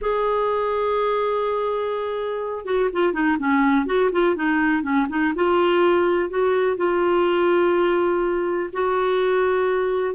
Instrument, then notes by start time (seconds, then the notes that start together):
clarinet
0.01 G#4
2.65 F#4
2.92 F4
3.13 D#4
3.38 C#4
3.86 F#4
4.12 F4
4.35 D#4
4.82 C#4
5.09 D#4
5.35 F4
6.29 F#4
6.76 F4
8.72 F#4